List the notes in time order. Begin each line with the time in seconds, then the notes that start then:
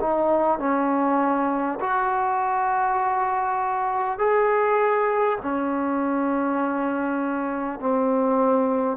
0.00 D#4
0.59 C#4
1.81 F#4
4.19 G#4
5.42 C#4
7.79 C4